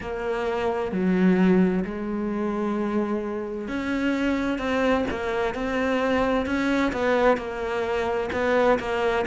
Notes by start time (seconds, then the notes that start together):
0.00 A#3
0.91 F#3
1.84 G#3
3.68 C#4
4.58 C4
5.10 A#3
5.54 C4
6.46 C#4
6.92 B3
7.37 A#3
8.32 B3
8.79 A#3